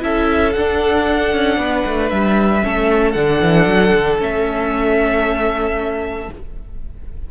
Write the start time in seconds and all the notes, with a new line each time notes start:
0.00 C#4 E4 A4 E5
0.53 D4 F#5
1.33 C#4
1.57 B3 B4
1.86 A3
2.10 G3 E5
2.63 A3 C#4 A4
3.12 D3 D4 F#5
3.41 E3
3.66 F#3
3.93 D3
4.18 A3 C#4 E5